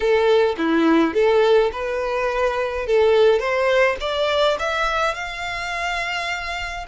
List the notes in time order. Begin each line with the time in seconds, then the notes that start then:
0.00 A4
0.57 E4
1.14 A4
1.72 B4
2.86 A4
3.39 C5
4.00 D5
4.59 E5
5.14 F5